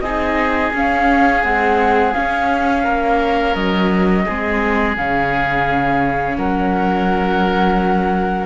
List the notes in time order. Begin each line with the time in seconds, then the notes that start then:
0.00 C4 D#4 G#4 D#5
0.73 C#4 F5
1.44 G#3 C4 F#5
2.14 C#4 F5
2.84 A#3 A#4
3.55 F#3 D#5
4.26 G#3 C4 G#4
4.97 C#3 C#4 F5
6.37 F#3 A#4 F#5